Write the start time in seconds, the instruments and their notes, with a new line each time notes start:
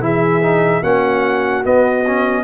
0.00 tuba E3, trombone E4, horn G#4, trumpet E5
0.42 trombone D#4
0.81 tuba A#3, trombone C#4, horn F#4, trumpet F#5
1.64 trombone B3, tuba B3, trumpet D#5
2.06 trombone C#4